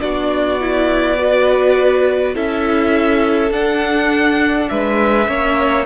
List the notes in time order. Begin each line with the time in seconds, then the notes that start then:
0.00 B3 D4 F#4 D5
0.61 E4
1.17 F#4 B4
2.35 C#4 E4 A4 E5
3.51 D4 F#5
4.69 G#3 B4 E5
5.26 A#3 C#4 C#5